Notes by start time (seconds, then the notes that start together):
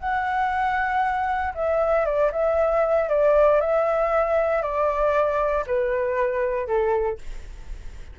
0.00 F#5
1.55 E5
2.06 D5
2.32 E5
3.10 D5
3.61 E5
4.62 D5
5.67 B4
6.67 A4